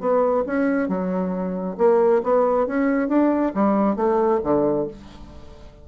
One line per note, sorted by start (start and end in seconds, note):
0.00 0.44 B3
0.46 0.88 C#4
0.88 1.77 F#3
1.78 2.22 A#3
2.24 2.67 B3
2.67 3.08 C#4
3.08 3.53 D4
3.55 3.96 G3
3.96 4.40 A3
4.44 4.88 D3